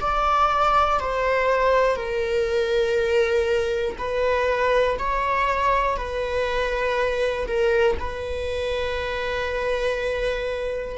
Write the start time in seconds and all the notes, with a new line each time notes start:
0.00 D5
1.00 C5
1.95 A#4
3.98 B4
4.98 C#5
5.97 B4
7.47 A#4
7.99 B4